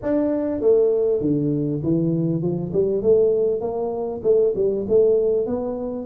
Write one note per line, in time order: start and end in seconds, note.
0.02 0.60 D4
0.60 1.21 A3
1.21 1.82 D3
1.83 2.41 E3
2.41 2.72 F3
2.73 3.02 G3
3.02 3.60 A3
3.60 4.21 A#3
4.23 4.53 A3
4.55 4.86 G3
4.88 5.46 A3
5.46 6.05 B3